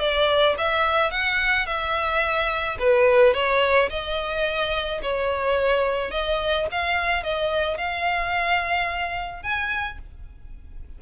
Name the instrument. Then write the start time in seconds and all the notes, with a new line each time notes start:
violin
0.00 D5
0.58 E5
1.11 F#5
1.66 E5
2.79 B4
3.34 C#5
3.90 D#5
5.03 C#5
6.11 D#5
6.72 F5
7.24 D#5
7.78 F5
9.43 G#5